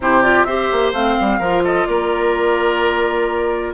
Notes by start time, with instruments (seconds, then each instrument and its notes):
0.00 bassoon C3, clarinet E4, oboe G4, flute C5
0.22 clarinet F4, flute D5
0.44 bassoon C4, clarinet G4, oboe C5, flute E5
0.72 bassoon A#3
0.92 bassoon A3, clarinet C4, flute F5
1.20 bassoon G3
1.39 bassoon F3, clarinet F4, oboe A#4
1.64 oboe A4, flute D#5
1.86 bassoon A#3, oboe A#4, flute D5